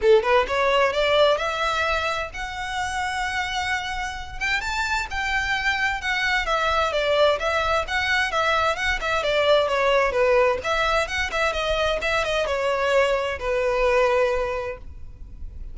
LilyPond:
\new Staff \with { instrumentName = "violin" } { \time 4/4 \tempo 4 = 130 a'8 b'8 cis''4 d''4 e''4~ | e''4 fis''2.~ | fis''4. g''8 a''4 g''4~ | g''4 fis''4 e''4 d''4 |
e''4 fis''4 e''4 fis''8 e''8 | d''4 cis''4 b'4 e''4 | fis''8 e''8 dis''4 e''8 dis''8 cis''4~ | cis''4 b'2. | }